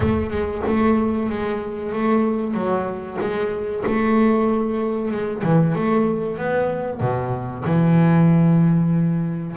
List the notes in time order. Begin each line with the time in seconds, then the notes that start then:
0.00 A3
0.30 G#3
0.66 A3
1.29 G#3
1.92 A3
2.54 F#3
3.20 G#3
3.86 A3
5.11 G#3
5.43 E3
5.74 A3
6.37 B3
7.00 B2
7.65 E3